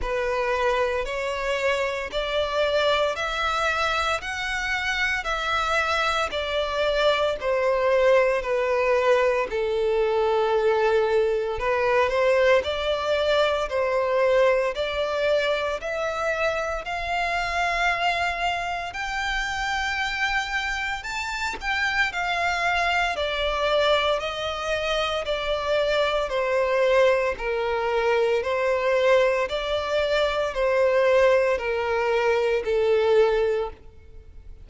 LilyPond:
\new Staff \with { instrumentName = "violin" } { \time 4/4 \tempo 4 = 57 b'4 cis''4 d''4 e''4 | fis''4 e''4 d''4 c''4 | b'4 a'2 b'8 c''8 | d''4 c''4 d''4 e''4 |
f''2 g''2 | a''8 g''8 f''4 d''4 dis''4 | d''4 c''4 ais'4 c''4 | d''4 c''4 ais'4 a'4 | }